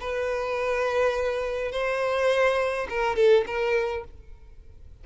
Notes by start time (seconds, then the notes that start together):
0.00 B4
1.72 C5
2.89 A#4
3.16 A4
3.46 A#4